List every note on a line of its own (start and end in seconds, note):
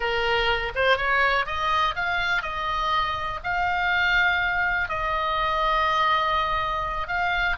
0.00 0.72 A#4
0.75 0.96 C5
0.96 1.45 C#5
1.46 1.94 D#5
1.95 2.42 F5
2.42 3.40 D#5
3.43 4.88 F5
4.88 7.07 D#5
7.07 7.56 F5